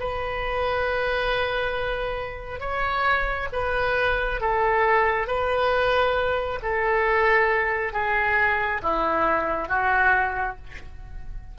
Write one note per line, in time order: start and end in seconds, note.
0.00 2.60 B4
2.60 3.49 C#5
3.53 4.41 B4
4.41 5.28 A4
5.28 6.60 B4
6.63 7.93 A4
7.93 8.82 G#4
8.83 9.69 E4
9.69 10.57 F#4